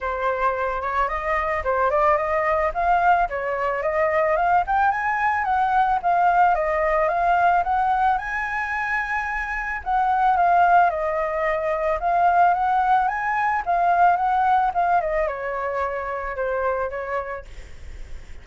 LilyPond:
\new Staff \with { instrumentName = "flute" } { \time 4/4 \tempo 4 = 110 c''4. cis''8 dis''4 c''8 d''8 | dis''4 f''4 cis''4 dis''4 | f''8 g''8 gis''4 fis''4 f''4 | dis''4 f''4 fis''4 gis''4~ |
gis''2 fis''4 f''4 | dis''2 f''4 fis''4 | gis''4 f''4 fis''4 f''8 dis''8 | cis''2 c''4 cis''4 | }